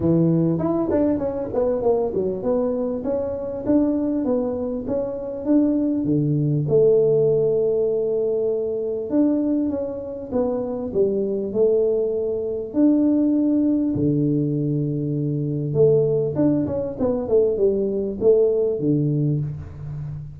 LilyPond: \new Staff \with { instrumentName = "tuba" } { \time 4/4 \tempo 4 = 99 e4 e'8 d'8 cis'8 b8 ais8 fis8 | b4 cis'4 d'4 b4 | cis'4 d'4 d4 a4~ | a2. d'4 |
cis'4 b4 g4 a4~ | a4 d'2 d4~ | d2 a4 d'8 cis'8 | b8 a8 g4 a4 d4 | }